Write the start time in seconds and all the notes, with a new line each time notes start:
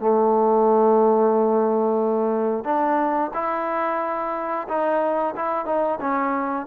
0.00 A3
2.65 D4
3.35 E4
4.69 D#4
5.36 E4
5.66 D#4
6.01 C#4